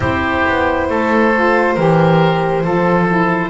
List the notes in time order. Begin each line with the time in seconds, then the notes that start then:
0.00 C4 E4 G4 C5
0.48 B3
0.89 A3 A4
1.35 F4
1.74 E3 G4 A#4
2.63 F3 F4 A4
3.08 E4